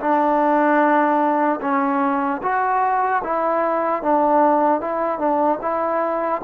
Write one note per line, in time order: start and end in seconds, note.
0.00 1.60 D4
1.61 2.41 C#4
2.43 3.23 F#4
3.24 4.03 E4
4.03 4.81 D4
4.81 5.19 E4
5.19 5.59 D4
5.62 6.42 E4